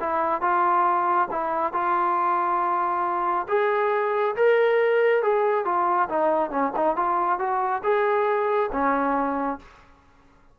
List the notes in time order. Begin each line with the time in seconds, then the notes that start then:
0.00 E4
0.41 F4
1.31 E4
1.73 F4
3.48 G#4
4.36 A#4
5.23 G#4
5.65 F4
6.09 D#4
6.50 C#4
6.76 D#4
6.96 F4
7.39 F#4
7.83 G#4
8.72 C#4